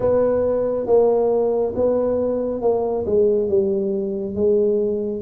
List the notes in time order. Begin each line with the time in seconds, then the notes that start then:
0.00 B3
0.86 A#3
1.75 B3
2.61 A#3
3.06 G#3
3.48 G3
4.35 G#3